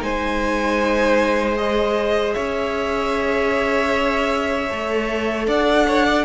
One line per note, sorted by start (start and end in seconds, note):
0.00 2.36 G#3
0.00 1.56 D#4
0.00 2.35 C5
0.00 1.58 G#5
1.57 4.68 G#4
1.57 2.34 D#5
2.34 4.71 C#4
2.34 5.47 C#5
2.34 5.45 E5
4.70 5.48 A3
4.70 6.25 A4
5.48 6.25 D4
5.48 5.87 D5
5.48 6.25 F#5
5.88 6.06 C#5
6.06 6.25 D5